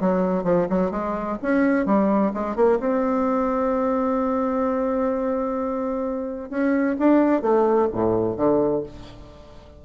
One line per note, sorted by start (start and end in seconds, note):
0.00 0.44 F#3
0.44 0.67 F3
0.69 0.91 F#3
0.91 1.37 G#3
1.42 1.86 C#4
1.86 2.32 G3
2.33 2.55 G#3
2.55 2.79 A#3
2.79 6.49 C4
6.49 6.96 C#4
6.99 7.41 D4
7.41 7.88 A3
7.92 8.36 A2
8.36 8.83 D3